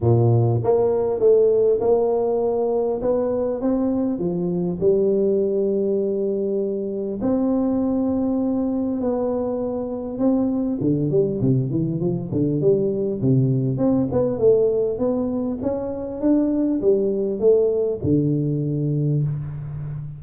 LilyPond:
\new Staff \with { instrumentName = "tuba" } { \time 4/4 \tempo 4 = 100 ais,4 ais4 a4 ais4~ | ais4 b4 c'4 f4 | g1 | c'2. b4~ |
b4 c'4 d8 g8 c8 e8 | f8 d8 g4 c4 c'8 b8 | a4 b4 cis'4 d'4 | g4 a4 d2 | }